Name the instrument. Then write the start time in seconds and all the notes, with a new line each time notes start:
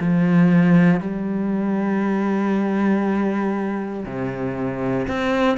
cello
0.00 F3
1.00 G3
4.05 C3
5.08 C4